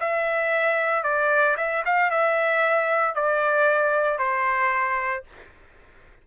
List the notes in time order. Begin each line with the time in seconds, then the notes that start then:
0.00 E5
1.03 D5
1.57 E5
1.85 F5
2.11 E5
3.15 D5
4.19 C5